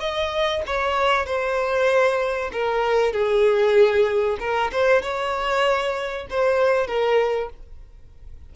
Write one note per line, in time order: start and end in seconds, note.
0.00 0.62 D#5
0.66 1.26 C#5
1.26 2.51 C5
2.52 3.12 A#4
3.12 4.38 G#4
4.39 4.71 A#4
4.72 5.02 C5
5.02 6.27 C#5
6.30 6.87 C5
6.87 7.49 A#4